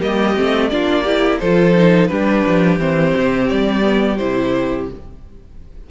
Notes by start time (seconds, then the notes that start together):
0.00 G3 A#3 G4 D#5
0.37 A3 C4
0.69 A#3 D4 F4 D5
1.04 E4 G4
1.40 F3 F4 A4 C5
1.76 D#4
2.07 G3 D4 G4 B4
2.47 F3
2.79 E3 C4 C5
3.17 C3
3.49 G3 D5
3.82 B3
4.18 C3 E4 C5